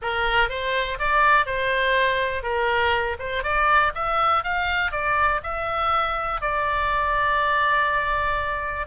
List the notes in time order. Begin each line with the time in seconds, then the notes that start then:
0.01 A#4
0.49 C5
0.99 D5
1.46 C5
2.43 A#4
3.19 C5
3.43 D5
3.95 E5
4.43 F5
4.91 D5
5.43 E5
6.41 D5